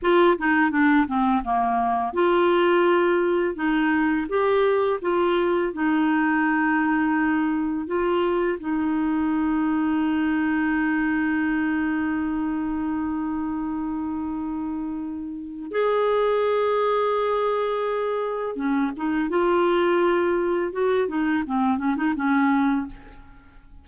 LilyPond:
\new Staff \with { instrumentName = "clarinet" } { \time 4/4 \tempo 4 = 84 f'8 dis'8 d'8 c'8 ais4 f'4~ | f'4 dis'4 g'4 f'4 | dis'2. f'4 | dis'1~ |
dis'1~ | dis'2 gis'2~ | gis'2 cis'8 dis'8 f'4~ | f'4 fis'8 dis'8 c'8 cis'16 dis'16 cis'4 | }